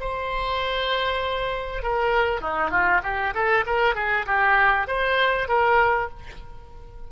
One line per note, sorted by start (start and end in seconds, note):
0.00 1.83 C5
1.83 2.41 A#4
2.41 2.71 D#4
2.71 3.01 F4
3.03 3.34 G4
3.34 3.65 A4
3.66 3.95 A#4
3.95 4.26 G#4
4.26 4.88 G4
4.88 5.48 C5
5.48 6.09 A#4